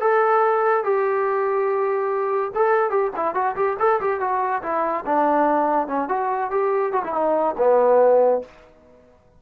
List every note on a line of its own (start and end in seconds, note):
0.00 0.84 A4
0.84 2.52 G4
2.55 2.90 A4
2.90 3.11 G4
3.16 3.35 E4
3.35 3.55 F#4
3.56 3.77 G4
3.80 4.01 A4
4.01 4.20 G4
4.20 4.62 F#4
4.63 5.05 E4
5.06 5.88 D4
5.88 6.09 C#4
6.09 6.51 F#4
6.51 6.92 G4
6.92 7.03 F#4
7.04 7.13 E4
7.13 7.55 D#4
7.58 8.42 B3